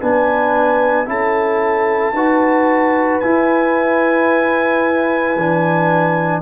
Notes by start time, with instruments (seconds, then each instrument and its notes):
0.00 tuba B3, trombone D4, horn B4, trumpet G#5
1.05 tuba C#4, trombone E4, horn A4, trumpet A5
2.12 tuba D#4, trombone F#4, horn B4
3.20 trombone E4, tuba E4, trumpet G#5
5.36 tuba E3, trombone D4